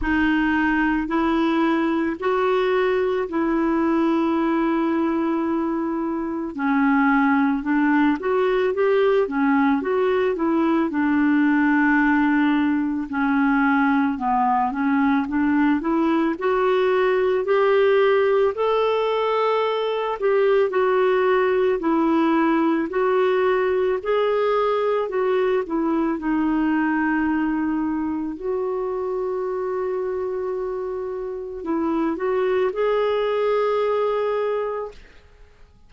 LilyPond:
\new Staff \with { instrumentName = "clarinet" } { \time 4/4 \tempo 4 = 55 dis'4 e'4 fis'4 e'4~ | e'2 cis'4 d'8 fis'8 | g'8 cis'8 fis'8 e'8 d'2 | cis'4 b8 cis'8 d'8 e'8 fis'4 |
g'4 a'4. g'8 fis'4 | e'4 fis'4 gis'4 fis'8 e'8 | dis'2 fis'2~ | fis'4 e'8 fis'8 gis'2 | }